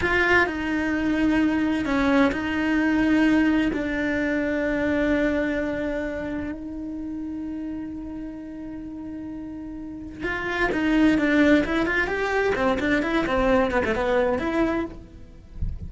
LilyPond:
\new Staff \with { instrumentName = "cello" } { \time 4/4 \tempo 4 = 129 f'4 dis'2. | cis'4 dis'2. | d'1~ | d'2 dis'2~ |
dis'1~ | dis'2 f'4 dis'4 | d'4 e'8 f'8 g'4 c'8 d'8 | e'8 c'4 b16 a16 b4 e'4 | }